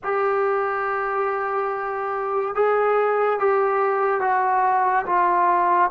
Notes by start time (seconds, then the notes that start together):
0.03 G4
2.54 G#4
3.39 G4
4.20 F#4
5.06 F4